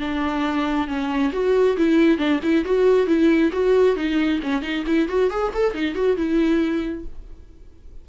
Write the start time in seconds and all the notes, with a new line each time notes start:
0.00 D4
0.87 C#4
1.33 F#4
1.77 E4
2.18 D4
2.43 E4
2.65 F#4
3.07 E4
3.53 F#4
3.96 D#4
4.43 C#4
4.62 D#4
4.86 E4
5.08 F#4
5.30 G#4
5.54 A4
5.74 D#4
5.95 F#4
6.17 E4